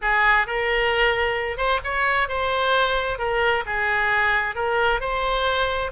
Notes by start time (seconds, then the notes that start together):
0.01 G#4
0.46 A#4
1.57 C5
1.84 C#5
2.28 C5
3.18 A#4
3.66 G#4
4.55 A#4
5.00 C5